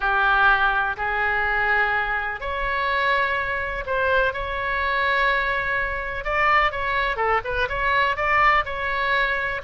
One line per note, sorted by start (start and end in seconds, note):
0.00 0.96 G4
0.96 2.40 G#4
2.40 3.84 C#5
3.86 4.33 C5
4.33 6.24 C#5
6.24 6.71 D5
6.71 7.16 C#5
7.16 7.40 A4
7.44 7.68 B4
7.68 8.16 C#5
8.16 8.64 D5
8.65 9.61 C#5